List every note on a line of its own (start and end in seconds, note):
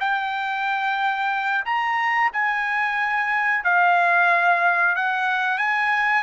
0.00 1.65 G5
1.65 2.31 A#5
2.33 3.64 G#5
3.64 4.96 F5
4.96 5.58 F#5
5.58 6.23 G#5